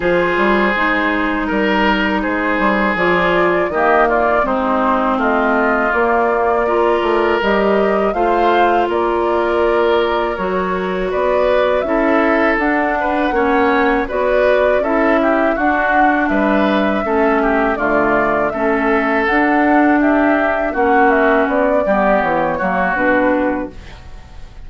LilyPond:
<<
  \new Staff \with { instrumentName = "flute" } { \time 4/4 \tempo 4 = 81 c''2 ais'4 c''4 | d''4 dis''8 d''8 c''4 dis''4 | d''2 dis''4 f''4 | d''2 cis''4 d''4 |
e''4 fis''2 d''4 | e''4 fis''4 e''2 | d''4 e''4 fis''4 e''4 | fis''8 e''8 d''4 cis''4 b'4 | }
  \new Staff \with { instrumentName = "oboe" } { \time 4/4 gis'2 ais'4 gis'4~ | gis'4 g'8 f'8 dis'4 f'4~ | f'4 ais'2 c''4 | ais'2. b'4 |
a'4. b'8 cis''4 b'4 | a'8 g'8 fis'4 b'4 a'8 g'8 | f'4 a'2 g'4 | fis'4. g'4 fis'4. | }
  \new Staff \with { instrumentName = "clarinet" } { \time 4/4 f'4 dis'2. | f'4 ais4 c'2 | ais4 f'4 g'4 f'4~ | f'2 fis'2 |
e'4 d'4 cis'4 fis'4 | e'4 d'2 cis'4 | a4 cis'4 d'2 | cis'4. b4 ais8 d'4 | }
  \new Staff \with { instrumentName = "bassoon" } { \time 4/4 f8 g8 gis4 g4 gis8 g8 | f4 dis4 gis4 a4 | ais4. a8 g4 a4 | ais2 fis4 b4 |
cis'4 d'4 ais4 b4 | cis'4 d'4 g4 a4 | d4 a4 d'2 | ais4 b8 g8 e8 fis8 b,4 | }
>>